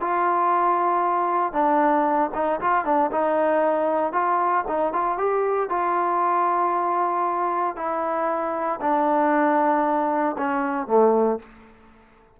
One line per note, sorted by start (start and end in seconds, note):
0.00 1.53 F4
1.53 2.30 D4
2.34 2.60 D#4
2.61 2.85 F4
2.85 3.11 D4
3.11 4.13 D#4
4.13 4.64 F4
4.67 4.93 D#4
4.93 5.17 F4
5.17 5.69 G4
5.69 7.76 F4
7.76 8.80 E4
8.81 10.36 D4
10.38 10.87 C#4
10.87 11.39 A3